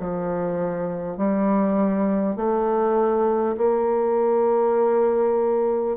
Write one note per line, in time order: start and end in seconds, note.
0.00 1.18 F3
1.18 2.36 G3
2.36 3.56 A3
3.58 5.97 A#3